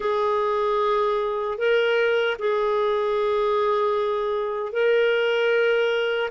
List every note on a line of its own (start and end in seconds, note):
0.00 1.58 G#4
1.58 2.36 A#4
2.38 4.72 G#4
4.72 6.30 A#4